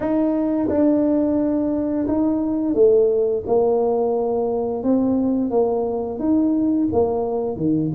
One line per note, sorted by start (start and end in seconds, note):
0.00 0.68 D#4
0.69 2.07 D4
2.07 2.74 D#4
2.74 3.43 A3
3.46 4.83 A#3
4.83 5.50 C4
5.50 6.19 A#3
6.19 6.88 D#4
6.92 7.56 A#3
7.56 7.91 D#3